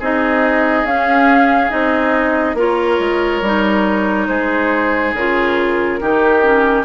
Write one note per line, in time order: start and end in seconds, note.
0.00 0.85 C4
0.00 0.87 D#4
0.00 2.57 G#4
0.00 0.86 D#5
0.85 1.71 C#4
0.85 1.70 C#4
0.85 1.71 F5
1.70 2.55 C4
1.70 2.56 D#4
1.70 2.56 D#5
2.55 2.98 A#3
2.55 3.43 F4
2.55 4.28 A#4
2.55 4.28 C#5
3.00 3.42 G#3
3.42 4.28 G3
3.42 5.17 D#4
4.28 5.14 G#3
4.28 6.00 G#4
4.28 5.13 C5
5.14 6.00 C#3
5.14 6.02 F4
5.14 6.85 A#4
6.01 6.85 D#3
6.01 6.43 D#4
6.01 6.85 G4
6.43 6.85 C#4